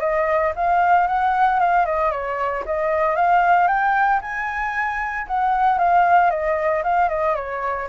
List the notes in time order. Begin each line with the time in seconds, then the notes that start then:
0.00 D#5
0.55 F5
1.07 F#5
1.59 F5
1.85 D#5
2.11 C#5
2.65 D#5
3.16 F5
3.67 G5
4.22 G#5
5.27 F#5
5.78 F5
6.30 D#5
6.83 F5
7.09 D#5
7.35 C#5